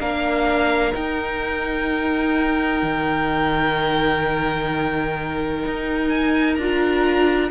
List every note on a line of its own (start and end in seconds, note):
0.00 0.94 A#3
0.00 0.94 D4
0.00 7.51 A#4
0.00 0.95 F5
0.94 6.56 D#4
0.94 2.83 D#4
0.94 6.09 G5
2.83 5.64 D#3
5.65 6.57 D#4
6.09 6.55 G#5
6.55 7.51 D4
6.55 7.51 F4
6.55 7.49 A#5